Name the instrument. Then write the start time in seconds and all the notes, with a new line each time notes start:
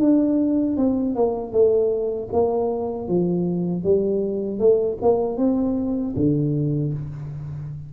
tuba
0.00 D4
0.77 C4
1.15 A#3
1.52 A3
2.33 A#3
3.08 F3
3.84 G3
4.60 A3
5.02 A#3
5.38 C4
6.16 D3